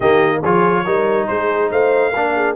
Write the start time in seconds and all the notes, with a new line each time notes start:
0.00 D#3 A#3 G4 D#5
0.42 F3 F4 G#4 C#5
0.85 G3 D#4 A#4
1.27 G#3 G#4 C5
1.71 A3 C5 F5
2.11 A#3 D4 A#4
2.35 G#4